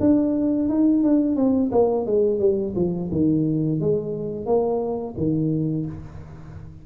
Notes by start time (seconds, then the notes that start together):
0.00 D4
0.69 D#4
1.03 D4
1.36 C4
1.71 A#3
2.06 G#3
2.39 G3
2.76 F3
3.12 D#3
3.80 G#3
4.46 A#3
5.17 D#3